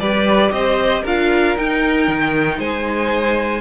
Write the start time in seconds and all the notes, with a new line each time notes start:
0.00 G3 G4 B4 D5
0.52 C4 C5 D#5
1.03 D4 F4 A#4 F5
1.57 D#4 G5
2.09 D#3
2.59 G#3 C5 G#5